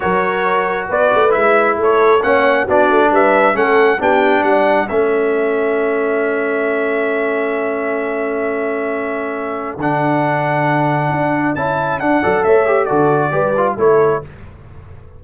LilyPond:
<<
  \new Staff \with { instrumentName = "trumpet" } { \time 4/4 \tempo 4 = 135 cis''2 d''4 e''4 | cis''4 fis''4 d''4 e''4 | fis''4 g''4 fis''4 e''4~ | e''1~ |
e''1~ | e''2 fis''2~ | fis''2 a''4 fis''4 | e''4 d''2 cis''4 | }
  \new Staff \with { instrumentName = "horn" } { \time 4/4 ais'2 b'2 | a'4 cis''4 fis'4 b'4 | a'4 g'4 d''4 a'4~ | a'1~ |
a'1~ | a'1~ | a'2.~ a'8 d''8 | cis''4 a'4 b'4 a'4 | }
  \new Staff \with { instrumentName = "trombone" } { \time 4/4 fis'2. e'4~ | e'4 cis'4 d'2 | cis'4 d'2 cis'4~ | cis'1~ |
cis'1~ | cis'2 d'2~ | d'2 e'4 d'8 a'8~ | a'8 g'8 fis'4 g'8 f'8 e'4 | }
  \new Staff \with { instrumentName = "tuba" } { \time 4/4 fis2 b8 a8 gis4 | a4 ais4 b8 a8 g4 | a4 b4 g4 a4~ | a1~ |
a1~ | a2 d2~ | d4 d'4 cis'4 d'8 fis8 | a4 d4 g4 a4 | }
>>